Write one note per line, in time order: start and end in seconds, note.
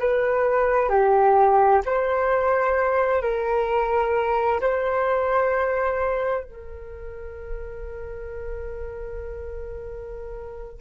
0.00 0.89 B4
0.89 1.82 G4
1.85 3.22 C5
3.22 4.61 A#4
4.61 6.44 C5
6.44 10.81 A#4